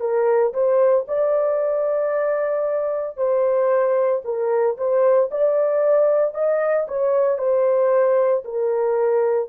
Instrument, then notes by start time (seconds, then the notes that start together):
horn
0.00 A#4
0.53 C5
1.07 D5
3.17 C5
4.24 A#4
4.77 C5
5.31 D5
6.34 D#5
6.87 C#5
7.38 C5
8.44 A#4